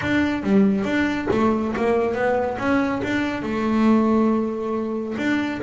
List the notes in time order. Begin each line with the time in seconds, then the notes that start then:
0.01 D4
0.43 G3
0.84 D4
1.31 A3
1.76 A#3
2.14 B3
2.58 C#4
3.03 D4
3.42 A3
5.18 D4